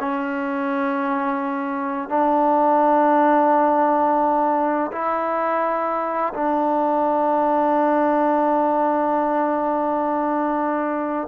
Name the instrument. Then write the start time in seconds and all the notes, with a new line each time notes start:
trombone
0.00 C#4
2.09 D4
4.92 E4
6.34 D4